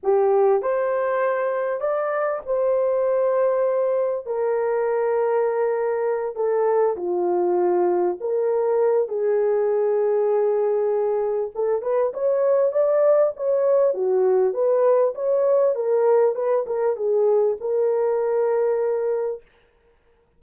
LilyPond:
\new Staff \with { instrumentName = "horn" } { \time 4/4 \tempo 4 = 99 g'4 c''2 d''4 | c''2. ais'4~ | ais'2~ ais'8 a'4 f'8~ | f'4. ais'4. gis'4~ |
gis'2. a'8 b'8 | cis''4 d''4 cis''4 fis'4 | b'4 cis''4 ais'4 b'8 ais'8 | gis'4 ais'2. | }